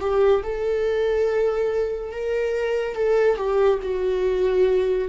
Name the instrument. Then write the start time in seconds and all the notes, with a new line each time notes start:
viola
0.00 G4
0.43 A4
2.12 A#4
2.95 A4
3.36 G4
3.82 F#4